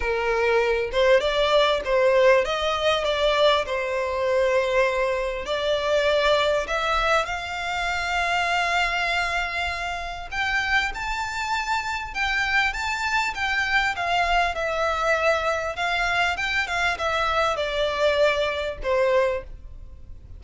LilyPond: \new Staff \with { instrumentName = "violin" } { \time 4/4 \tempo 4 = 99 ais'4. c''8 d''4 c''4 | dis''4 d''4 c''2~ | c''4 d''2 e''4 | f''1~ |
f''4 g''4 a''2 | g''4 a''4 g''4 f''4 | e''2 f''4 g''8 f''8 | e''4 d''2 c''4 | }